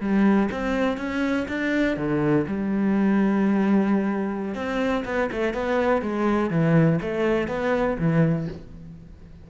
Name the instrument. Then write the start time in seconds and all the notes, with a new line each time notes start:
cello
0.00 G3
0.51 C4
0.97 C#4
1.48 D4
1.96 D3
2.47 G3
4.54 C4
5.05 B3
5.31 A3
5.54 B3
6.01 G#3
6.50 E3
7.01 A3
7.47 B3
7.98 E3